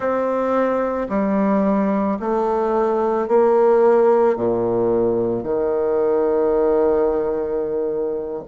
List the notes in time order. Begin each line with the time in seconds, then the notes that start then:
0.00 C4
1.09 G3
2.19 A3
3.27 A#3
4.36 A#2
5.42 D#3